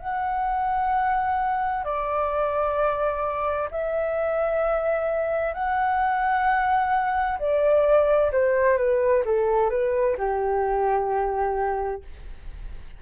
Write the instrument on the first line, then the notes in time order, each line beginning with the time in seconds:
flute
0.00 F#5
1.85 D5
3.71 E5
5.54 F#5
7.39 D5
8.33 C5
8.78 B4
9.25 A4
9.70 B4
10.18 G4